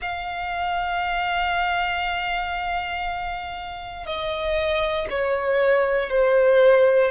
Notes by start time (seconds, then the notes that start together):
0.01 F5
4.05 D#5
5.10 C#5
6.09 C5